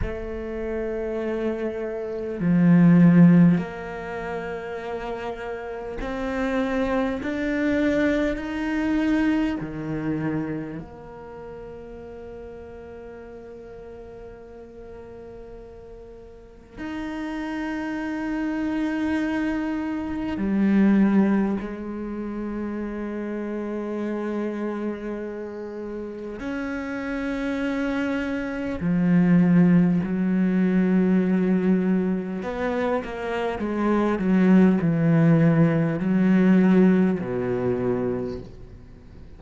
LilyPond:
\new Staff \with { instrumentName = "cello" } { \time 4/4 \tempo 4 = 50 a2 f4 ais4~ | ais4 c'4 d'4 dis'4 | dis4 ais2.~ | ais2 dis'2~ |
dis'4 g4 gis2~ | gis2 cis'2 | f4 fis2 b8 ais8 | gis8 fis8 e4 fis4 b,4 | }